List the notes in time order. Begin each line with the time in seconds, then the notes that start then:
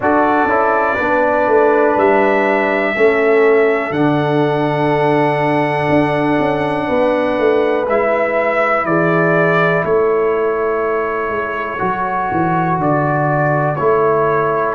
0.00 D4 F#4 A4 D5
0.47 C#4 E4
0.94 B3 D4 B4
1.47 A3
1.96 G3 E5
2.94 A3 C#4 A4
3.90 D3 D4 F#5
5.89 D4
6.39 C#4
6.87 B3 B4
7.38 A3
7.87 G#3 E4 E5
8.84 E3 G#4 D5
9.84 A3 A4 C#5
11.29 G#3
11.78 F#3 F#4
12.31 E3
12.78 D3 D5
13.76 A3 E4 C#5